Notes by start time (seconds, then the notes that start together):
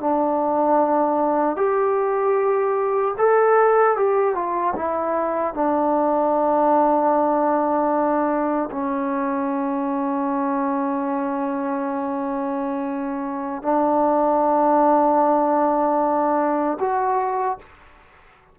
0.00 D4
1.56 G4
3.18 A4
3.97 G4
4.35 F4
4.75 E4
5.54 D4
8.71 C#4
13.62 D4
16.80 F#4